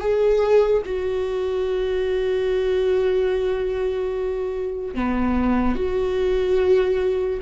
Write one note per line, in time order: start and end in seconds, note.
0.00 0.82 G#4
0.85 4.94 F#4
4.94 5.75 B3
5.75 7.40 F#4